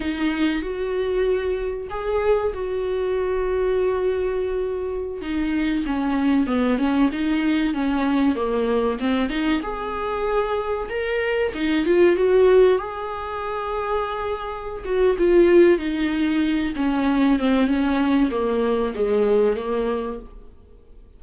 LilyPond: \new Staff \with { instrumentName = "viola" } { \time 4/4 \tempo 4 = 95 dis'4 fis'2 gis'4 | fis'1~ | fis'16 dis'4 cis'4 b8 cis'8 dis'8.~ | dis'16 cis'4 ais4 c'8 dis'8 gis'8.~ |
gis'4~ gis'16 ais'4 dis'8 f'8 fis'8.~ | fis'16 gis'2.~ gis'16 fis'8 | f'4 dis'4. cis'4 c'8 | cis'4 ais4 gis4 ais4 | }